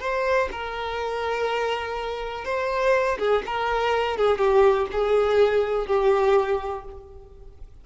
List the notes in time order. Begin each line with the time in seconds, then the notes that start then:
0.00 C5
0.51 A#4
2.45 C5
3.19 G#4
3.46 A#4
4.17 G#4
4.38 G4
4.92 G#4
5.87 G4